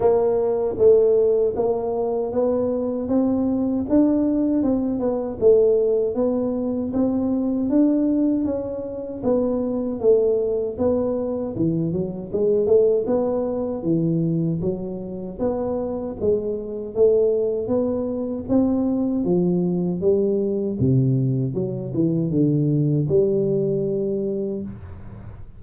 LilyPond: \new Staff \with { instrumentName = "tuba" } { \time 4/4 \tempo 4 = 78 ais4 a4 ais4 b4 | c'4 d'4 c'8 b8 a4 | b4 c'4 d'4 cis'4 | b4 a4 b4 e8 fis8 |
gis8 a8 b4 e4 fis4 | b4 gis4 a4 b4 | c'4 f4 g4 c4 | fis8 e8 d4 g2 | }